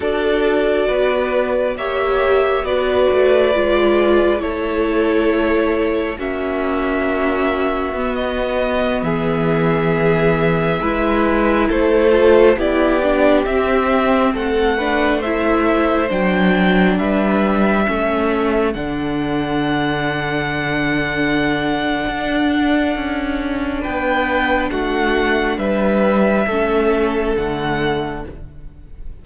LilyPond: <<
  \new Staff \with { instrumentName = "violin" } { \time 4/4 \tempo 4 = 68 d''2 e''4 d''4~ | d''4 cis''2 e''4~ | e''4~ e''16 dis''4 e''4.~ e''16~ | e''4~ e''16 c''4 d''4 e''8.~ |
e''16 fis''4 e''4 g''4 e''8.~ | e''4~ e''16 fis''2~ fis''8.~ | fis''2. g''4 | fis''4 e''2 fis''4 | }
  \new Staff \with { instrumentName = "violin" } { \time 4/4 a'4 b'4 cis''4 b'4~ | b'4 a'2 fis'4~ | fis'2~ fis'16 gis'4.~ gis'16~ | gis'16 b'4 a'4 g'4.~ g'16~ |
g'16 a'8 b'8 c''2 b'8.~ | b'16 a'2.~ a'8.~ | a'2. b'4 | fis'4 b'4 a'2 | }
  \new Staff \with { instrumentName = "viola" } { \time 4/4 fis'2 g'4 fis'4 | f'4 e'2 cis'4~ | cis'4 b2.~ | b16 e'4. f'8 e'8 d'8 c'8.~ |
c'8. d'8 e'4 d'4.~ d'16~ | d'16 cis'4 d'2~ d'8.~ | d'1~ | d'2 cis'4 a4 | }
  \new Staff \with { instrumentName = "cello" } { \time 4/4 d'4 b4 ais4 b8 a8 | gis4 a2 ais4~ | ais4 b4~ b16 e4.~ e16~ | e16 gis4 a4 b4 c'8.~ |
c'16 a2 fis4 g8.~ | g16 a4 d2~ d8.~ | d4 d'4 cis'4 b4 | a4 g4 a4 d4 | }
>>